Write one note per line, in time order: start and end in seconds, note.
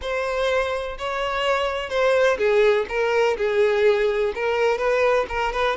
0.01 0.97 C5
0.97 1.89 C#5
1.89 2.37 C5
2.38 2.86 G#4
2.88 3.36 A#4
3.37 4.33 G#4
4.34 4.78 A#4
4.78 5.26 B4
5.28 5.52 A#4
5.52 5.76 B4